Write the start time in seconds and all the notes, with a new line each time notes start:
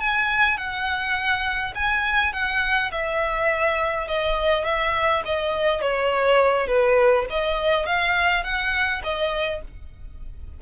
0.00 G#5
0.57 F#5
1.75 G#5
2.33 F#5
2.92 E5
4.08 D#5
4.65 E5
5.25 D#5
5.81 C#5
6.68 B4
7.30 D#5
7.86 F5
8.44 F#5
9.04 D#5